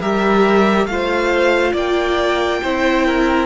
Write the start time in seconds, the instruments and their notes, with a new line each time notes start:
0.00 cello G3, viola G4, violin A#4 E5
0.85 cello A3, viola F4, violin C5 F5
1.73 cello A#3, violin D5 G5
2.63 cello C4, viola E4, violin C5
3.06 violin A#4